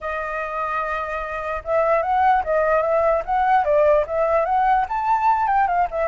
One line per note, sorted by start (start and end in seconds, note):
0.00 1.63 D#5
1.64 2.02 E5
2.02 2.43 F#5
2.44 2.82 D#5
2.82 3.22 E5
3.25 3.64 F#5
3.64 4.05 D5
4.06 4.45 E5
4.45 4.85 F#5
4.89 5.47 A5
5.47 5.67 G5
5.67 5.87 F5
5.90 6.07 E5